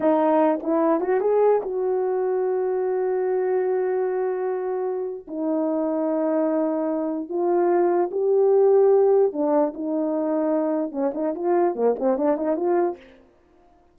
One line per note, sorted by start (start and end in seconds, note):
0.00 0.59 D#4
0.63 1.00 E4
1.00 1.20 F#4
1.20 1.61 G#4
1.61 5.26 F#4
5.27 7.29 D#4
7.29 8.10 F4
8.11 9.32 G4
9.32 9.73 D4
9.74 10.91 D#4
10.91 11.11 C#4
11.14 11.34 D#4
11.35 11.75 F4
11.75 11.95 A#3
11.99 12.17 C4
12.17 12.36 D4
12.36 12.56 D#4
12.56 12.96 F4